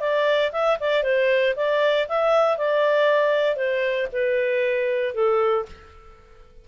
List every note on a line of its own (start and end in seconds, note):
0.00 0.51 D5
0.52 0.78 E5
0.80 1.03 D5
1.03 1.55 C5
1.56 2.07 D5
2.09 2.58 E5
2.58 3.56 D5
3.56 4.07 C5
4.12 5.14 B4
5.14 5.66 A4